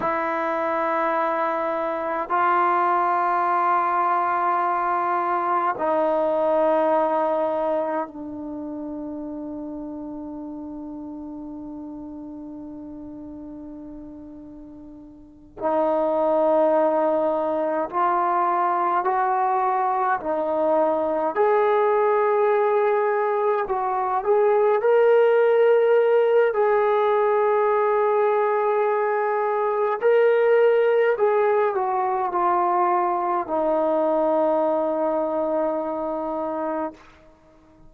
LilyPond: \new Staff \with { instrumentName = "trombone" } { \time 4/4 \tempo 4 = 52 e'2 f'2~ | f'4 dis'2 d'4~ | d'1~ | d'4. dis'2 f'8~ |
f'8 fis'4 dis'4 gis'4.~ | gis'8 fis'8 gis'8 ais'4. gis'4~ | gis'2 ais'4 gis'8 fis'8 | f'4 dis'2. | }